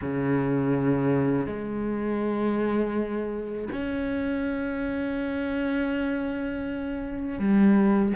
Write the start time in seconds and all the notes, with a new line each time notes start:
0.01 C#3
1.46 G#3
3.72 C#4
7.39 G3